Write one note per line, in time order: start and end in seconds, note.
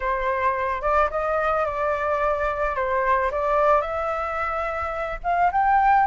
0.00 0.81 C5
0.81 1.09 D5
1.10 1.65 D#5
1.65 2.75 D5
2.75 3.30 C5
3.31 3.81 D5
3.81 5.18 E5
5.23 5.50 F5
5.51 6.06 G5